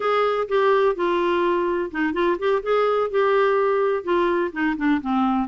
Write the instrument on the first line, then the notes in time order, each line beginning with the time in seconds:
clarinet
0.00 G#4
0.48 G4
0.95 F4
1.91 D#4
2.13 F4
2.38 G4
2.63 G#4
3.10 G4
4.03 F4
4.52 D#4
4.77 D4
5.01 C4